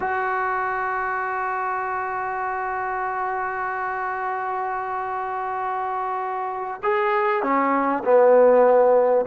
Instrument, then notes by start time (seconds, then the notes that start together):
trombone
0.00 F#4
6.82 G#4
7.42 C#4
8.04 B3